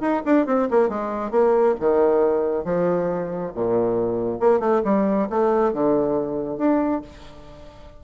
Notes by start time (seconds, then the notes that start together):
0.00 D#4
0.25 D4
0.46 C4
0.70 A#3
0.89 G#3
1.31 A#3
1.80 D#3
2.64 F3
3.54 A#2
4.40 A#3
4.59 A3
4.84 G3
5.30 A3
5.73 D3
6.57 D4